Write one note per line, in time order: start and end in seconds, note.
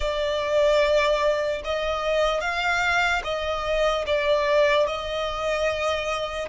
0.00 1.61 D5
1.64 2.41 D#5
2.41 3.22 F5
3.24 4.05 D#5
4.06 4.86 D5
4.86 6.49 D#5